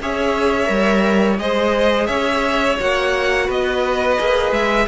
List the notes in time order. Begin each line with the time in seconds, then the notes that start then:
0.00 C#4 G#4 C#5 E5
0.65 G3 A#4
1.38 G#3 G#4 C5 D#5
2.06 C#4 C#5 E5
2.80 A#3 F#4 F#5
3.46 B3 B4 D#5
4.18 A#3 G#4
4.51 G#3 E5